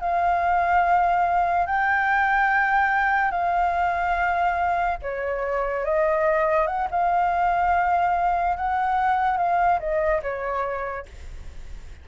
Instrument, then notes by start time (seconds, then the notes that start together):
flute
0.00 F5
1.66 G5
3.31 F5
5.02 C#5
5.84 D#5
6.67 F#5
6.91 F5
8.56 F#5
9.37 F5
9.80 D#5
10.22 C#5